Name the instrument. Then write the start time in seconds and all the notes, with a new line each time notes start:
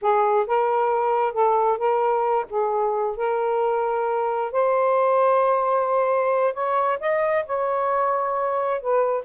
saxophone
0.01 G#4
0.47 A#4
1.33 A4
1.78 A#4
2.49 G#4
3.16 A#4
4.51 C5
6.53 C#5
7.00 D#5
7.46 C#5
8.81 B4